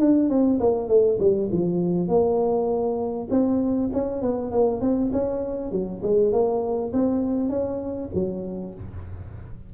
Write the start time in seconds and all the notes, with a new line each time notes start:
0.00 D4
0.30 C4
0.60 A#3
0.89 A3
1.19 G3
1.52 F3
2.09 A#3
3.30 C4
3.93 C#4
4.22 B3
4.52 A#3
4.81 C4
5.12 C#4
5.72 F#3
6.03 G#3
6.32 A#3
6.93 C4
7.49 C#4
8.14 F#3